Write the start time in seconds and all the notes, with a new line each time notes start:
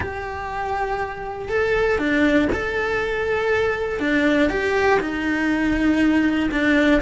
0.00 G4
1.48 A4
1.98 D4
2.52 A4
3.99 D4
4.49 G4
5.00 D#4
6.51 D4